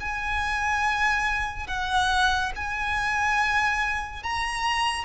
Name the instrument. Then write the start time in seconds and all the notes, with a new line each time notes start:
violin
0.00 G#5
1.67 F#5
2.55 G#5
4.23 A#5